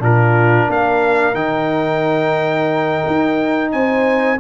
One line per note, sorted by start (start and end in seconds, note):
0.00 0.68 A#2
0.00 1.35 D4
0.00 0.69 F4
0.00 0.71 A#4
0.69 1.34 A#3
0.69 3.72 A#4
0.69 1.35 F5
1.34 3.03 D#3
1.34 4.38 D#4
1.34 3.71 G5
3.06 3.73 D#4
3.72 4.40 C4
3.72 4.40 C5
3.72 4.39 G#5